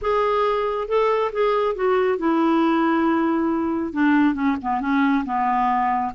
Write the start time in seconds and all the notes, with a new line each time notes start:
0.01 G#4
0.88 A4
1.32 G#4
1.75 F#4
2.18 E4
3.92 D4
4.34 C#4
4.62 B3
4.80 C#4
5.25 B3